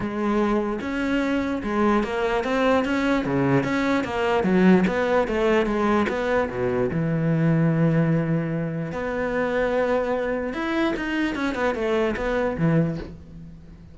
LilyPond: \new Staff \with { instrumentName = "cello" } { \time 4/4 \tempo 4 = 148 gis2 cis'2 | gis4 ais4 c'4 cis'4 | cis4 cis'4 ais4 fis4 | b4 a4 gis4 b4 |
b,4 e2.~ | e2 b2~ | b2 e'4 dis'4 | cis'8 b8 a4 b4 e4 | }